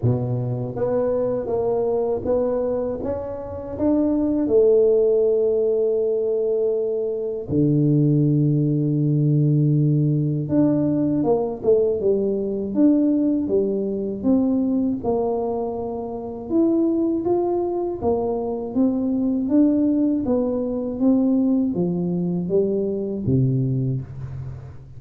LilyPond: \new Staff \with { instrumentName = "tuba" } { \time 4/4 \tempo 4 = 80 b,4 b4 ais4 b4 | cis'4 d'4 a2~ | a2 d2~ | d2 d'4 ais8 a8 |
g4 d'4 g4 c'4 | ais2 e'4 f'4 | ais4 c'4 d'4 b4 | c'4 f4 g4 c4 | }